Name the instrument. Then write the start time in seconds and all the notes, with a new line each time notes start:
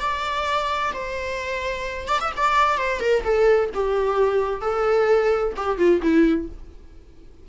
viola
0.00 D5
0.94 C5
2.08 D5
2.20 E5
2.37 D5
2.78 C5
3.00 A#4
3.24 A4
3.74 G4
4.61 A4
5.56 G4
5.78 F4
6.02 E4